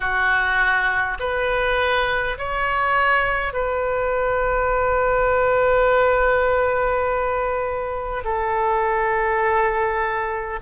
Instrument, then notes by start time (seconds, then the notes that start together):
oboe
0.00 F#4
1.19 B4
2.37 C#5
3.53 B4
8.24 A4